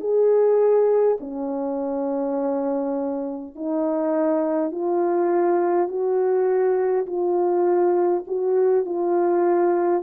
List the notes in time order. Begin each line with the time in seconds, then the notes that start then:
0.00 G#4
1.20 C#4
3.55 D#4
4.71 F4
5.88 F#4
7.06 F4
8.27 F#4
8.86 F4